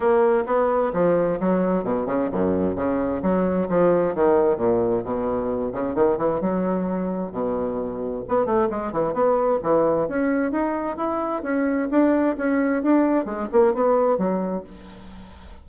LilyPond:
\new Staff \with { instrumentName = "bassoon" } { \time 4/4 \tempo 4 = 131 ais4 b4 f4 fis4 | b,8 cis8 fis,4 cis4 fis4 | f4 dis4 ais,4 b,4~ | b,8 cis8 dis8 e8 fis2 |
b,2 b8 a8 gis8 e8 | b4 e4 cis'4 dis'4 | e'4 cis'4 d'4 cis'4 | d'4 gis8 ais8 b4 fis4 | }